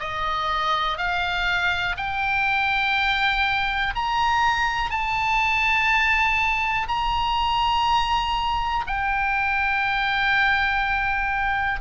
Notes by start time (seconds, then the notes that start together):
0.00 D#5
0.97 F5
1.97 G5
3.95 A#5
4.90 A5
6.88 A#5
8.87 G5